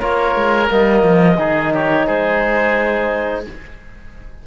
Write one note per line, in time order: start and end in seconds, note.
0.00 0.36 A#3
0.00 0.68 F4
0.00 1.38 A#4
0.00 0.69 C#5
0.36 0.70 G#3
0.68 1.04 G3
0.68 1.37 A#3
0.68 1.74 D#5
1.04 1.38 F3
1.38 2.07 D#3
1.38 3.45 D#4
1.38 1.73 G#4
1.74 2.07 G4
1.74 2.07 C#5
2.07 3.47 G#3
2.07 3.45 G#4
2.07 3.45 C5